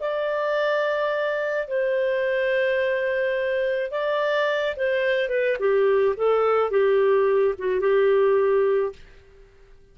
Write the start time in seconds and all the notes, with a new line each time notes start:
0.00 D5
1.67 C5
3.91 D5
4.76 C5
5.29 B4
5.59 G4
6.17 A4
6.71 G4
7.58 F#4
7.80 G4